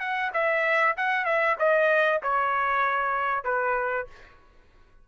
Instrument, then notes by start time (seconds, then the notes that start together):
trumpet
0.00 F#5
0.34 E5
0.97 F#5
1.25 E5
1.59 D#5
2.23 C#5
3.45 B4